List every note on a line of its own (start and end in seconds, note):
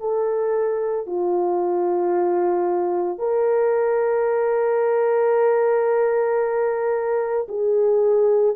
0.00 1.07 A4
1.07 3.19 F4
3.19 7.48 A#4
7.49 8.56 G#4